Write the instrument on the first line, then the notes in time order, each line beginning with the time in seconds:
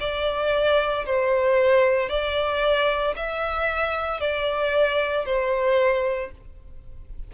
violin
0.00 D5
1.05 C5
2.09 D5
3.16 E5
4.20 D5
5.25 C5